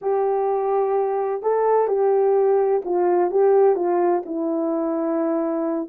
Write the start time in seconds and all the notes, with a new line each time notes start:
0.01 G4
1.42 A4
1.87 G4
2.85 F4
3.30 G4
3.75 F4
4.25 E4